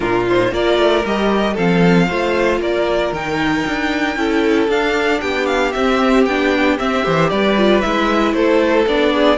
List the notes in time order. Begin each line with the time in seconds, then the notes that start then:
0.00 A#2 D4 F4 A#4
0.28 D#4 C5
0.51 A#3 F4 A#4 D5
0.77 A3
1.05 G3 G4 D#5
1.53 F3 C4 A4 F5
2.08 A3 F4 C5
2.59 A#3 A#4 D5
3.12 D#3 D#4 G5
3.67 D4
4.15 C#4 E4 A4
4.68 D4 F5
5.21 B3 G4 G5
5.45 F5
5.72 C4 E5
6.25 B3 D4 G5
6.78 C4 E5
7.03 E3 G4 C5
7.29 G3 B4 D5
7.57 F4
7.81 G#3 E4 E5
8.33 A3 A4 C5
8.86 B3 D4 D5
9.13 G#4